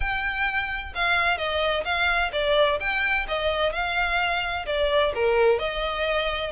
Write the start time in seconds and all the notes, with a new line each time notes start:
0.00 G5
0.94 F5
1.37 D#5
1.84 F5
2.32 D5
2.79 G5
3.27 D#5
3.72 F5
4.66 D5
5.14 A#4
5.59 D#5